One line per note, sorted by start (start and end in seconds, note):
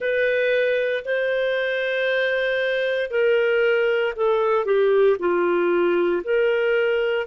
0.00 1.03 B4
1.04 3.10 C5
3.10 4.13 A#4
4.16 4.65 A4
4.65 5.16 G4
5.19 6.23 F4
6.23 7.26 A#4